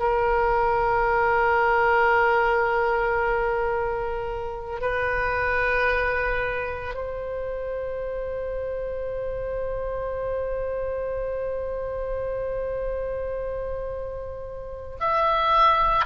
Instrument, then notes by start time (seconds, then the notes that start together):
oboe
0.00 A#4
4.81 B4
6.95 C5
15.00 E5